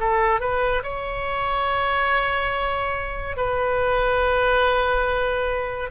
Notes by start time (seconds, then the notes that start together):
0.00 A4
0.41 B4
0.83 C#5
3.37 B4